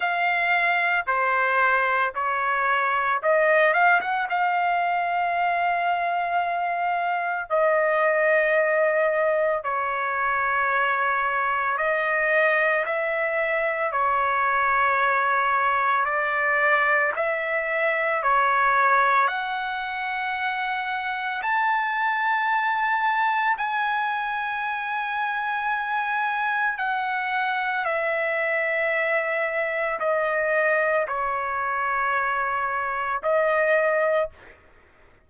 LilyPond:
\new Staff \with { instrumentName = "trumpet" } { \time 4/4 \tempo 4 = 56 f''4 c''4 cis''4 dis''8 f''16 fis''16 | f''2. dis''4~ | dis''4 cis''2 dis''4 | e''4 cis''2 d''4 |
e''4 cis''4 fis''2 | a''2 gis''2~ | gis''4 fis''4 e''2 | dis''4 cis''2 dis''4 | }